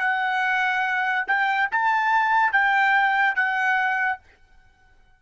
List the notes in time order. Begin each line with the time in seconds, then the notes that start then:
0.00 F#5
1.27 G5
1.72 A5
2.52 G5
3.36 F#5